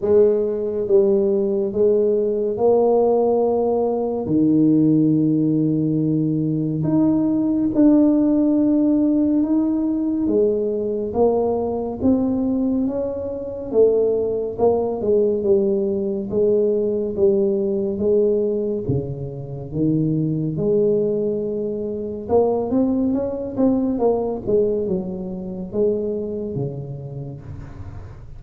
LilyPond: \new Staff \with { instrumentName = "tuba" } { \time 4/4 \tempo 4 = 70 gis4 g4 gis4 ais4~ | ais4 dis2. | dis'4 d'2 dis'4 | gis4 ais4 c'4 cis'4 |
a4 ais8 gis8 g4 gis4 | g4 gis4 cis4 dis4 | gis2 ais8 c'8 cis'8 c'8 | ais8 gis8 fis4 gis4 cis4 | }